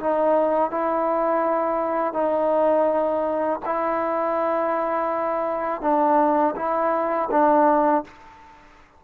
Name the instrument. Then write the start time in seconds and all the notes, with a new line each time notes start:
trombone
0.00 D#4
0.71 E4
2.14 D#4
3.65 E4
5.81 D4
6.56 E4
7.31 D4